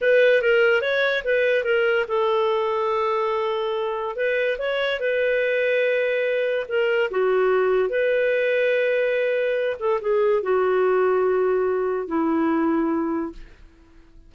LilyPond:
\new Staff \with { instrumentName = "clarinet" } { \time 4/4 \tempo 4 = 144 b'4 ais'4 cis''4 b'4 | ais'4 a'2.~ | a'2 b'4 cis''4 | b'1 |
ais'4 fis'2 b'4~ | b'2.~ b'8 a'8 | gis'4 fis'2.~ | fis'4 e'2. | }